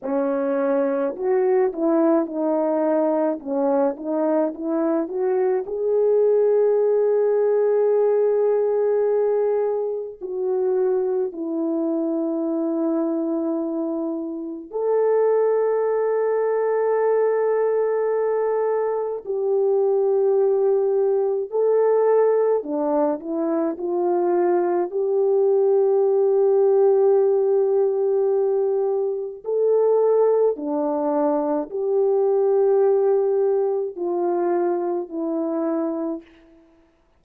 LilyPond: \new Staff \with { instrumentName = "horn" } { \time 4/4 \tempo 4 = 53 cis'4 fis'8 e'8 dis'4 cis'8 dis'8 | e'8 fis'8 gis'2.~ | gis'4 fis'4 e'2~ | e'4 a'2.~ |
a'4 g'2 a'4 | d'8 e'8 f'4 g'2~ | g'2 a'4 d'4 | g'2 f'4 e'4 | }